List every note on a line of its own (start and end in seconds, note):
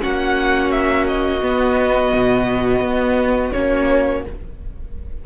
0.00 1.43 A#3
0.00 1.41 C#4
0.00 4.26 F#4
0.00 0.72 F#5
0.72 1.07 E5
1.08 3.52 D#5
1.41 3.53 B3
1.41 2.13 B3
2.14 2.81 B2
2.81 3.51 B3
3.52 4.26 A#3
3.52 4.25 C#4
3.52 4.23 C#5